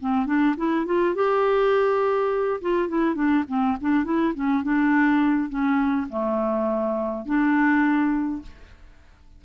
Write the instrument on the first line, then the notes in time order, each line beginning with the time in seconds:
clarinet
0.00 C4
0.26 D4
0.56 E4
0.86 F4
1.15 G4
2.61 F4
2.88 E4
3.15 D4
3.48 C4
3.80 D4
4.04 E4
4.34 C#4
4.63 D4
5.49 C#4
6.09 A3
7.26 D4